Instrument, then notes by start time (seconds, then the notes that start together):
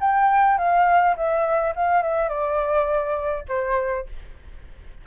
flute
0.00 G5
0.57 F5
1.16 E5
1.75 F5
2.02 E5
2.28 D5
3.48 C5